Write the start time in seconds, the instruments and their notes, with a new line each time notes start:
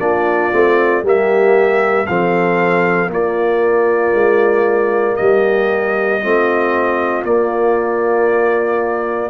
0.00 tuba A#3, trombone D4, horn F4, trumpet D5
0.52 tuba A3, trombone C4
1.03 tuba G3, trombone A#3, horn G4, trumpet E5
2.07 tuba F3, trombone C4, horn A4, trumpet F5
3.08 tuba A#3, trombone A#3, horn F4, trumpet D5
4.14 tuba G#3
5.16 tuba G3, horn G4, trumpet D#5
6.22 tuba A3, trombone C4, horn F4
7.24 tuba A#3, trombone A#3, trumpet D5